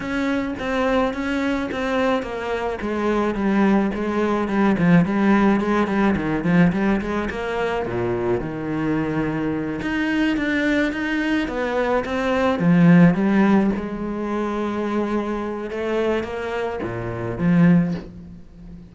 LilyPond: \new Staff \with { instrumentName = "cello" } { \time 4/4 \tempo 4 = 107 cis'4 c'4 cis'4 c'4 | ais4 gis4 g4 gis4 | g8 f8 g4 gis8 g8 dis8 f8 | g8 gis8 ais4 ais,4 dis4~ |
dis4. dis'4 d'4 dis'8~ | dis'8 b4 c'4 f4 g8~ | g8 gis2.~ gis8 | a4 ais4 ais,4 f4 | }